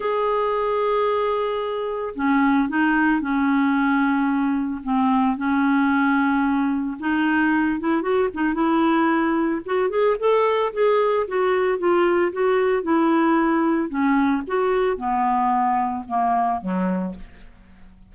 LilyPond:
\new Staff \with { instrumentName = "clarinet" } { \time 4/4 \tempo 4 = 112 gis'1 | cis'4 dis'4 cis'2~ | cis'4 c'4 cis'2~ | cis'4 dis'4. e'8 fis'8 dis'8 |
e'2 fis'8 gis'8 a'4 | gis'4 fis'4 f'4 fis'4 | e'2 cis'4 fis'4 | b2 ais4 fis4 | }